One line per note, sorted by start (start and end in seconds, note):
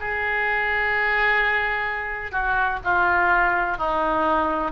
0.00 2.32 G#4
2.32 2.79 F#4
2.84 3.78 F4
3.78 4.72 D#4